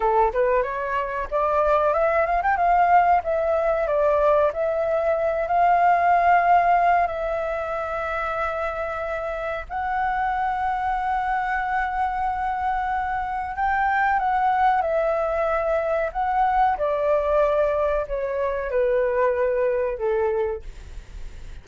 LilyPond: \new Staff \with { instrumentName = "flute" } { \time 4/4 \tempo 4 = 93 a'8 b'8 cis''4 d''4 e''8 f''16 g''16 | f''4 e''4 d''4 e''4~ | e''8 f''2~ f''8 e''4~ | e''2. fis''4~ |
fis''1~ | fis''4 g''4 fis''4 e''4~ | e''4 fis''4 d''2 | cis''4 b'2 a'4 | }